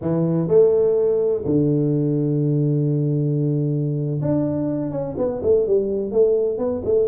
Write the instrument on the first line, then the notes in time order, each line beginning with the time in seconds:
tuba
0.01 E3
0.48 A3
1.45 D3
4.21 D4
4.91 C#4
5.17 B3
5.42 A3
5.67 G3
6.11 A3
6.58 B3
6.84 A3